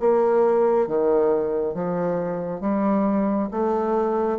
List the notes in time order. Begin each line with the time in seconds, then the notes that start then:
0.00 A#3
0.87 D#3
1.74 F3
2.61 G3
3.51 A3